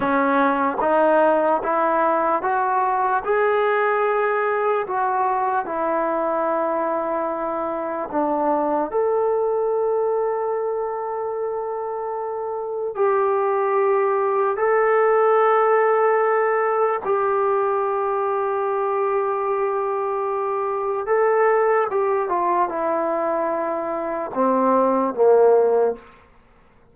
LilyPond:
\new Staff \with { instrumentName = "trombone" } { \time 4/4 \tempo 4 = 74 cis'4 dis'4 e'4 fis'4 | gis'2 fis'4 e'4~ | e'2 d'4 a'4~ | a'1 |
g'2 a'2~ | a'4 g'2.~ | g'2 a'4 g'8 f'8 | e'2 c'4 ais4 | }